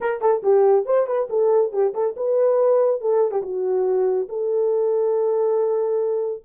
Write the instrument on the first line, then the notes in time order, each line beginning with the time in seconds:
horn
0.00 A#4
0.21 A4
0.42 G4
0.85 C5
1.06 B4
1.29 A4
1.72 G4
1.94 A4
2.16 B4
3.01 A4
3.31 G4
3.42 F#4
4.29 A4